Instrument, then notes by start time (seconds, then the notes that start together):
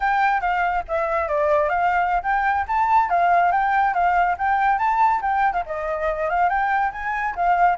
flute
0.00 G5
0.40 F5
0.88 E5
1.28 D5
1.69 F5
2.22 G5
2.67 A5
3.09 F5
3.51 G5
3.94 F5
4.38 G5
4.78 A5
5.21 G5
5.53 F5
5.65 D#5
6.29 F5
6.49 G5
6.92 G#5
7.35 F5